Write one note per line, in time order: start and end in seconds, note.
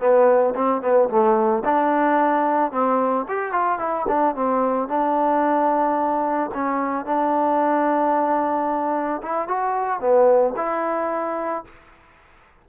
0.00 0.54 B3
0.55 0.82 C4
0.82 1.09 B3
1.10 1.64 A3
1.65 2.72 D4
2.72 3.26 C4
3.29 3.52 G4
3.52 3.79 F4
3.79 4.06 E4
4.08 4.35 D4
4.35 4.88 C4
4.88 6.51 D4
6.54 7.06 C#4
7.06 9.22 D4
9.23 9.48 E4
9.48 10.00 F#4
10.00 10.54 B3
10.57 11.65 E4